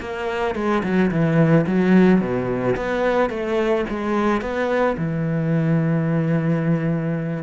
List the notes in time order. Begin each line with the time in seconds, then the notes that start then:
0.00 A#3
0.55 G#3
0.83 F#3
1.11 E3
1.66 F#3
2.20 B2
2.76 B3
3.30 A3
3.90 G#3
4.41 B3
4.97 E3